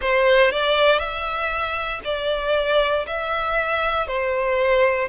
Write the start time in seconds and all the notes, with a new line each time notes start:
0.01 C5
0.51 D5
0.98 E5
2.04 D5
3.06 E5
4.07 C5